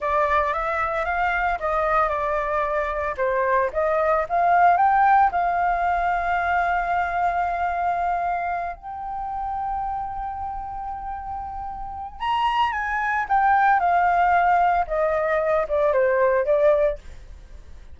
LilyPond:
\new Staff \with { instrumentName = "flute" } { \time 4/4 \tempo 4 = 113 d''4 e''4 f''4 dis''4 | d''2 c''4 dis''4 | f''4 g''4 f''2~ | f''1~ |
f''8 g''2.~ g''8~ | g''2. ais''4 | gis''4 g''4 f''2 | dis''4. d''8 c''4 d''4 | }